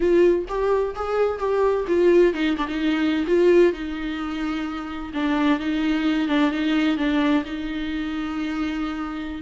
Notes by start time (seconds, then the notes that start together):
0.00 F4
0.48 G4
0.95 G#4
1.38 G4
1.87 F4
2.33 D#4
2.57 D4
2.67 D#4
3.26 F4
3.73 D#4
5.13 D4
5.59 D#4
6.28 D4
6.51 D#4
6.97 D4
7.45 D#4